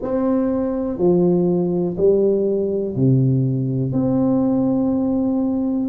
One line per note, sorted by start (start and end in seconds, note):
0.02 0.97 C4
0.97 1.96 F3
1.97 2.95 G3
2.95 3.92 C3
3.92 5.89 C4